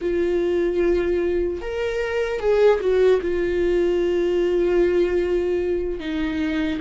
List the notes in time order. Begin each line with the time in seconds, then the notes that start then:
0.01 F4
1.61 A#4
2.39 G#4
2.80 F#4
3.21 F4
5.99 D#4